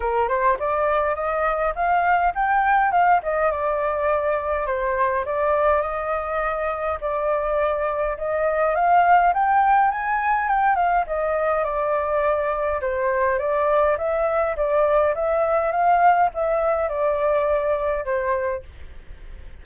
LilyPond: \new Staff \with { instrumentName = "flute" } { \time 4/4 \tempo 4 = 103 ais'8 c''8 d''4 dis''4 f''4 | g''4 f''8 dis''8 d''2 | c''4 d''4 dis''2 | d''2 dis''4 f''4 |
g''4 gis''4 g''8 f''8 dis''4 | d''2 c''4 d''4 | e''4 d''4 e''4 f''4 | e''4 d''2 c''4 | }